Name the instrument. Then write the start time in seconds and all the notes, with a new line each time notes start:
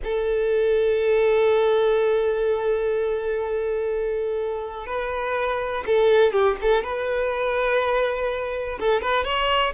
violin
0.04 A4
4.86 B4
5.86 A4
6.32 G4
6.61 A4
6.83 B4
8.79 A4
9.01 B4
9.24 C#5